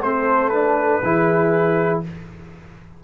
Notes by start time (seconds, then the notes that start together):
0.00 A3 C4 A4 C5
0.49 D4 B4
1.03 E3 E4 G#4